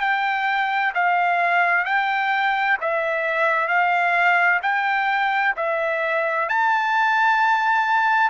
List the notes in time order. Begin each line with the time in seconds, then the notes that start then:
0.00 G5
0.94 F5
1.85 G5
2.81 E5
3.68 F5
4.62 G5
5.56 E5
6.49 A5